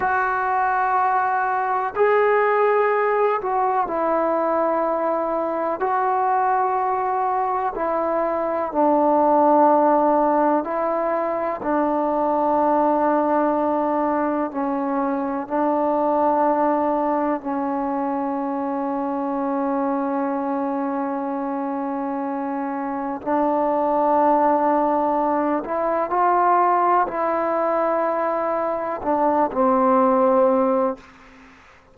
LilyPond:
\new Staff \with { instrumentName = "trombone" } { \time 4/4 \tempo 4 = 62 fis'2 gis'4. fis'8 | e'2 fis'2 | e'4 d'2 e'4 | d'2. cis'4 |
d'2 cis'2~ | cis'1 | d'2~ d'8 e'8 f'4 | e'2 d'8 c'4. | }